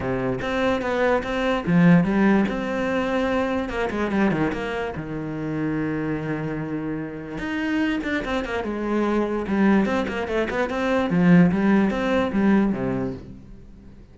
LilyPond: \new Staff \with { instrumentName = "cello" } { \time 4/4 \tempo 4 = 146 c4 c'4 b4 c'4 | f4 g4 c'2~ | c'4 ais8 gis8 g8 dis8 ais4 | dis1~ |
dis2 dis'4. d'8 | c'8 ais8 gis2 g4 | c'8 ais8 a8 b8 c'4 f4 | g4 c'4 g4 c4 | }